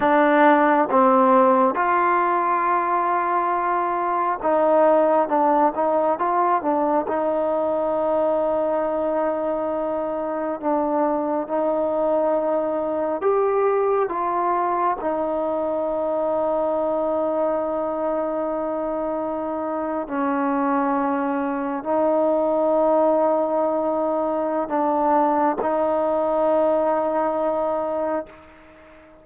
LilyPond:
\new Staff \with { instrumentName = "trombone" } { \time 4/4 \tempo 4 = 68 d'4 c'4 f'2~ | f'4 dis'4 d'8 dis'8 f'8 d'8 | dis'1 | d'4 dis'2 g'4 |
f'4 dis'2.~ | dis'2~ dis'8. cis'4~ cis'16~ | cis'8. dis'2.~ dis'16 | d'4 dis'2. | }